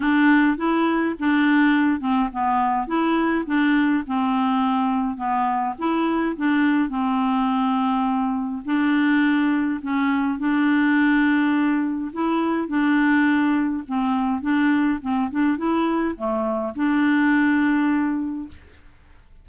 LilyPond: \new Staff \with { instrumentName = "clarinet" } { \time 4/4 \tempo 4 = 104 d'4 e'4 d'4. c'8 | b4 e'4 d'4 c'4~ | c'4 b4 e'4 d'4 | c'2. d'4~ |
d'4 cis'4 d'2~ | d'4 e'4 d'2 | c'4 d'4 c'8 d'8 e'4 | a4 d'2. | }